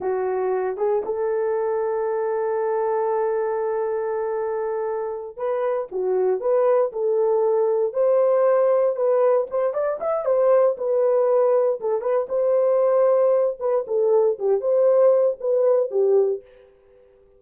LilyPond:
\new Staff \with { instrumentName = "horn" } { \time 4/4 \tempo 4 = 117 fis'4. gis'8 a'2~ | a'1~ | a'2~ a'8 b'4 fis'8~ | fis'8 b'4 a'2 c''8~ |
c''4. b'4 c''8 d''8 e''8 | c''4 b'2 a'8 b'8 | c''2~ c''8 b'8 a'4 | g'8 c''4. b'4 g'4 | }